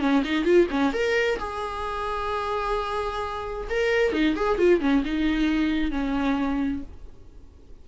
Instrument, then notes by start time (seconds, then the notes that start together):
viola
0.00 C#4
0.24 D#4
0.45 F4
0.71 C#4
0.93 A#4
1.39 G#4
3.70 A#4
4.12 D#4
4.36 G#4
4.58 F4
4.80 C#4
5.05 D#4
5.91 C#4